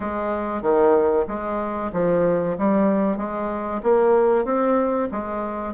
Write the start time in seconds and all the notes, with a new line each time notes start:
0.00 G#3
0.62 D#3
1.27 G#3
1.92 F3
2.58 G3
3.17 G#3
3.83 A#3
4.44 C4
5.11 G#3